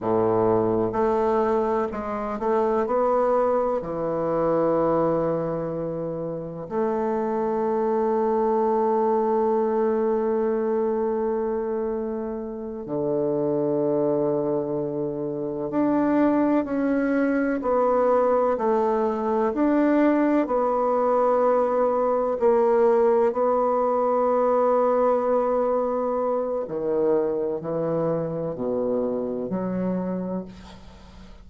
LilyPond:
\new Staff \with { instrumentName = "bassoon" } { \time 4/4 \tempo 4 = 63 a,4 a4 gis8 a8 b4 | e2. a4~ | a1~ | a4. d2~ d8~ |
d8 d'4 cis'4 b4 a8~ | a8 d'4 b2 ais8~ | ais8 b2.~ b8 | dis4 e4 b,4 fis4 | }